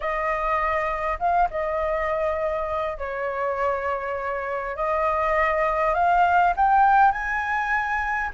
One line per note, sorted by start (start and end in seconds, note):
0.00 1.18 D#5
1.19 1.49 F5
1.50 2.98 D#5
2.98 4.76 C#5
4.76 5.94 D#5
5.94 6.53 F5
6.56 7.11 G5
7.11 8.30 G#5